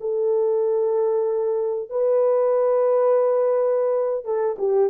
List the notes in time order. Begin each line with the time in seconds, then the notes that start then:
0.00 A4
1.89 B4
4.24 A4
4.58 G4